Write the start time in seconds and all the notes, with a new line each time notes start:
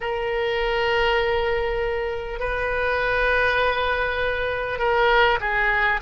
0.01 A#4
2.39 B4
4.78 A#4
5.40 G#4